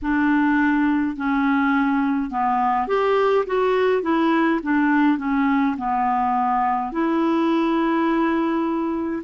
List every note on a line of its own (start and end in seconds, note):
0.02 1.16 D4
1.16 2.30 C#4
2.30 2.87 B3
2.87 3.45 G4
3.46 4.02 F#4
4.02 4.60 E4
4.62 5.18 D4
5.18 5.75 C#4
5.77 6.92 B3
6.92 9.23 E4